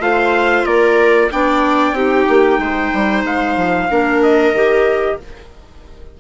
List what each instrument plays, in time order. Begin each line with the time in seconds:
0.00 bassoon A3, clarinet F4, viola C5, trumpet F5
0.66 bassoon A#3, viola A#4, trumpet D5
1.31 bassoon B3, clarinet D4, viola D5, trumpet G5
1.92 bassoon C4, clarinet D#4, viola G4
2.29 bassoon A#3
2.59 bassoon G#3, viola C5
2.94 bassoon G3
3.24 bassoon G#3, trumpet F5
3.57 bassoon F3
3.90 bassoon A#3, clarinet D4, viola A#4
4.23 trumpet D#5
4.52 bassoon D#3, clarinet G4